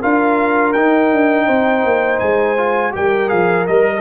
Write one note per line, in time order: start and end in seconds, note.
0.00 0.75 D4
0.00 0.75 F4
0.00 1.46 A#4
0.00 0.73 F5
0.73 1.12 D#4
0.73 2.57 D#4
0.73 2.19 G5
1.12 1.48 D4
1.46 1.84 C4
1.46 2.92 C5
1.84 2.20 A#3
2.19 2.94 G#3
2.19 2.92 G#5
2.57 2.92 F4
2.92 3.31 G3
2.92 3.28 G4
2.92 4.01 A#4
2.92 3.29 G5
3.28 3.68 F3
3.28 3.65 G#4
3.28 3.66 F5
3.67 4.01 G3
3.67 4.01 A#4
3.67 4.01 D#5